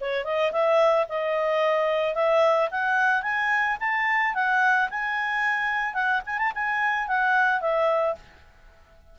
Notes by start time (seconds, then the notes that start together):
0.00 C#5
0.24 D#5
0.52 E5
1.09 D#5
2.14 E5
2.70 F#5
3.22 G#5
3.80 A5
4.34 F#5
4.90 G#5
5.93 F#5
6.26 G#5
6.38 A5
6.55 G#5
7.07 F#5
7.60 E5